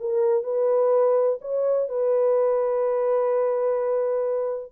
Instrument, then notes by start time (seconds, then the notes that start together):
horn
0.00 A#4
0.44 B4
1.42 C#5
1.89 B4